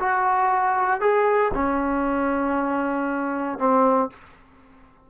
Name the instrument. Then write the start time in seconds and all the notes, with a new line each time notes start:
trombone
0.00 F#4
1.01 G#4
1.54 C#4
3.59 C4